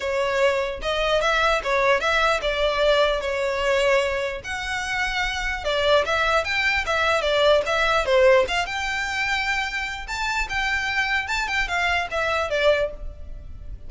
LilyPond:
\new Staff \with { instrumentName = "violin" } { \time 4/4 \tempo 4 = 149 cis''2 dis''4 e''4 | cis''4 e''4 d''2 | cis''2. fis''4~ | fis''2 d''4 e''4 |
g''4 e''4 d''4 e''4 | c''4 f''8 g''2~ g''8~ | g''4 a''4 g''2 | a''8 g''8 f''4 e''4 d''4 | }